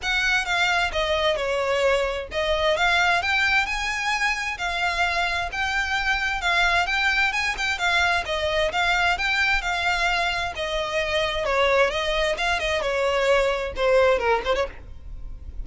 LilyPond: \new Staff \with { instrumentName = "violin" } { \time 4/4 \tempo 4 = 131 fis''4 f''4 dis''4 cis''4~ | cis''4 dis''4 f''4 g''4 | gis''2 f''2 | g''2 f''4 g''4 |
gis''8 g''8 f''4 dis''4 f''4 | g''4 f''2 dis''4~ | dis''4 cis''4 dis''4 f''8 dis''8 | cis''2 c''4 ais'8 c''16 cis''16 | }